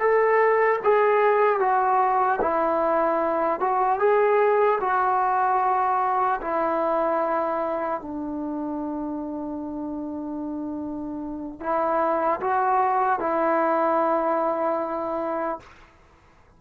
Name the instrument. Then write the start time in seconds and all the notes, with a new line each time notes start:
trombone
0.00 A4
0.84 G#4
1.60 F#4
2.42 E4
3.60 F#4
3.99 G#4
4.81 F#4
6.41 E4
8.01 D4
11.60 E4
12.41 F#4
13.20 E4